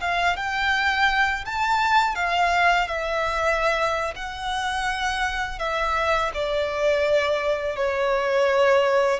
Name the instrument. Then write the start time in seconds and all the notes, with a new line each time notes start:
violin
0.00 F5
0.36 G5
1.45 A5
2.15 F5
2.87 E5
4.15 F#5
5.59 E5
6.34 D5
7.76 C#5